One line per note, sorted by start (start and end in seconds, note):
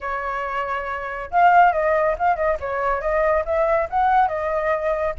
0.00 1.30 C#5
1.30 1.72 F5
1.72 2.15 D#5
2.18 2.35 F5
2.35 2.57 D#5
2.60 3.01 C#5
3.01 3.44 D#5
3.45 3.88 E5
3.89 4.28 F#5
4.28 5.14 D#5